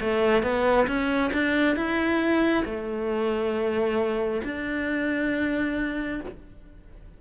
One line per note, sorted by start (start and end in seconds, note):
0.00 0.43 A3
0.43 0.87 B3
0.87 1.31 C#4
1.33 1.76 D4
1.76 2.64 E4
2.65 4.41 A3
4.44 6.20 D4